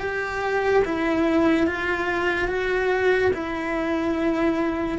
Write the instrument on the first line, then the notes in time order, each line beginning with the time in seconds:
cello
0.00 G4
0.85 E4
1.67 F4
2.48 F#4
3.34 E4